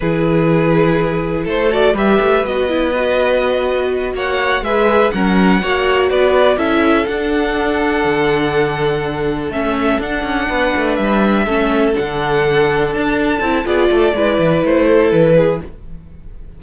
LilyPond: <<
  \new Staff \with { instrumentName = "violin" } { \time 4/4 \tempo 4 = 123 b'2. c''8 d''8 | e''4 dis''2.~ | dis''8 fis''4 e''4 fis''4.~ | fis''8 d''4 e''4 fis''4.~ |
fis''2.~ fis''8 e''8~ | e''8 fis''2 e''4.~ | e''8 fis''2 a''4. | d''2 c''4 b'4 | }
  \new Staff \with { instrumentName = "violin" } { \time 4/4 gis'2. a'4 | b'1~ | b'8 cis''4 b'4 ais'4 cis''8~ | cis''8 b'4 a'2~ a'8~ |
a'1~ | a'4. b'2 a'8~ | a'1 | gis'8 a'8 b'4. a'4 gis'8 | }
  \new Staff \with { instrumentName = "viola" } { \time 4/4 e'2.~ e'8 fis'8 | g'4 fis'8 e'8 fis'2~ | fis'4. gis'4 cis'4 fis'8~ | fis'4. e'4 d'4.~ |
d'2.~ d'8 cis'8~ | cis'8 d'2. cis'8~ | cis'8 d'2. e'8 | f'4 e'2. | }
  \new Staff \with { instrumentName = "cello" } { \time 4/4 e2. a4 | g8 a8 b2.~ | b8 ais4 gis4 fis4 ais8~ | ais8 b4 cis'4 d'4.~ |
d'8 d2. a8~ | a8 d'8 cis'8 b8 a8 g4 a8~ | a8 d2 d'4 c'8 | b8 a8 gis8 e8 a4 e4 | }
>>